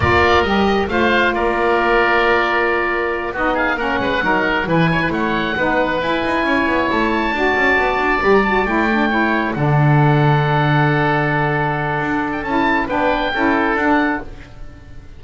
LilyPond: <<
  \new Staff \with { instrumentName = "oboe" } { \time 4/4 \tempo 4 = 135 d''4 dis''4 f''4 d''4~ | d''2.~ d''8 dis''8 | f''8 fis''2 gis''4 fis''8~ | fis''4. gis''2 a''8~ |
a''2~ a''8 b''16 ais''16 a''8 g''8~ | g''4. fis''2~ fis''8~ | fis''2.~ fis''8. g''16 | a''4 g''2 fis''4 | }
  \new Staff \with { instrumentName = "oboe" } { \time 4/4 ais'2 c''4 ais'4~ | ais'2.~ ais'8 fis'8 | gis'8 ais'8 b'8 ais'4 b'8 cis''16 b'16 cis''8~ | cis''8 b'2 cis''4.~ |
cis''8 d''2.~ d''8~ | d''8 cis''4 a'2~ a'8~ | a'1~ | a'4 b'4 a'2 | }
  \new Staff \with { instrumentName = "saxophone" } { \time 4/4 f'4 g'4 f'2~ | f'2.~ f'8 dis'8~ | dis'8 cis'4 dis'4 e'4.~ | e'8 dis'4 e'2~ e'8~ |
e'8 fis'2 g'8 fis'8 e'8 | d'8 e'4 d'2~ d'8~ | d'1 | e'4 d'4 e'4 d'4 | }
  \new Staff \with { instrumentName = "double bass" } { \time 4/4 ais4 g4 a4 ais4~ | ais2.~ ais8 b8~ | b8 ais8 gis8 fis4 e4 a8~ | a8 b4 e'8 dis'8 cis'8 b8 a8~ |
a8 d'8 cis'8 b8 d'8 g4 a8~ | a4. d2~ d8~ | d2. d'4 | cis'4 b4 cis'4 d'4 | }
>>